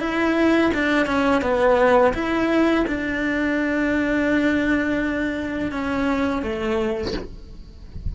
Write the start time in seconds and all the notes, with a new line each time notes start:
0.00 E4
0.74 D4
1.06 C#4
1.42 B3
2.14 E4
2.87 D4
5.72 C#4
6.43 A3